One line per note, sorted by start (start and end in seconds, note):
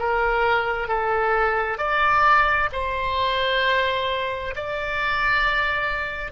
0.00 0.88 A#4
0.88 1.79 A4
1.79 2.69 D5
2.73 4.55 C5
4.56 6.32 D5